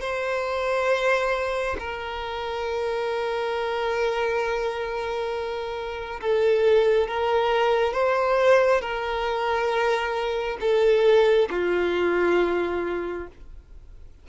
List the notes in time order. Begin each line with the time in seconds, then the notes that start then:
0.00 C5
1.79 A#4
6.20 A4
7.07 A#4
7.93 C5
8.81 A#4
10.60 A4
11.50 F4